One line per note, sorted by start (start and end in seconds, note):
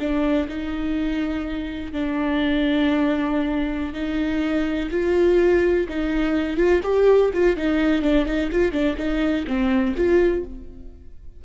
0.00 0.48 D4
0.49 1.93 D#4
1.93 3.94 D4
3.94 4.90 D#4
4.91 5.87 F4
5.89 6.57 D#4
6.57 6.81 F4
6.84 7.32 G4
7.34 7.56 F4
7.56 8.02 D#4
8.02 8.26 D4
8.26 8.50 D#4
8.52 8.73 F4
8.73 8.97 D4
8.97 9.45 D#4
9.48 9.96 C4
9.97 10.45 F4